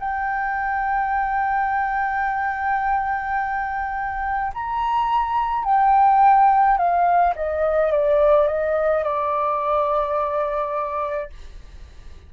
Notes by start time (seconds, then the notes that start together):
0.00 G5
4.54 A#5
5.65 G5
6.78 F5
7.36 D#5
7.92 D5
8.48 D#5
9.04 D5